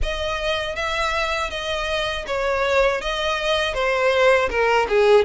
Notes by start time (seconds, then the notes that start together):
0.02 D#5
0.75 E5
1.50 D#5
2.26 C#5
3.01 D#5
3.74 C5
4.49 A#4
4.89 G#4